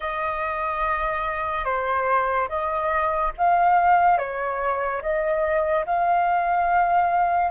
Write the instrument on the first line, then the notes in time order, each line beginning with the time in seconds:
flute
0.00 D#5
1.64 C5
2.48 D#5
3.37 F5
4.18 C#5
5.02 D#5
5.86 F5